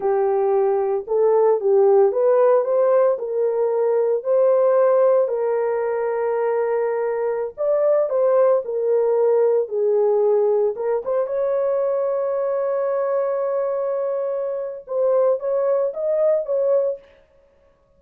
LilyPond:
\new Staff \with { instrumentName = "horn" } { \time 4/4 \tempo 4 = 113 g'2 a'4 g'4 | b'4 c''4 ais'2 | c''2 ais'2~ | ais'2~ ais'16 d''4 c''8.~ |
c''16 ais'2 gis'4.~ gis'16~ | gis'16 ais'8 c''8 cis''2~ cis''8.~ | cis''1 | c''4 cis''4 dis''4 cis''4 | }